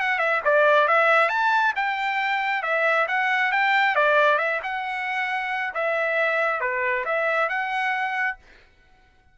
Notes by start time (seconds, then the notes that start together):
0.00 F#5
0.18 E5
0.45 D5
0.88 E5
1.29 A5
1.76 G5
2.62 E5
3.08 F#5
3.52 G5
3.95 D5
4.38 E5
4.63 F#5
5.74 E5
6.60 B4
7.05 E5
7.49 F#5